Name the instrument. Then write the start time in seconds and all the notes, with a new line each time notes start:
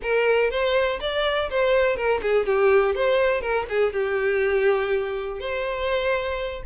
violin
0.02 A#4
0.50 C5
1.00 D5
1.50 C5
1.96 A#4
2.22 G#4
2.46 G4
2.95 C5
3.41 A#4
3.69 G#4
3.92 G4
5.39 C5